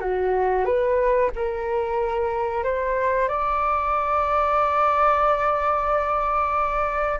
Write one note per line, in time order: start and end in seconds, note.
0.00 0.65 F#4
0.65 1.30 B4
1.35 2.63 A#4
2.63 3.28 C5
3.28 7.19 D5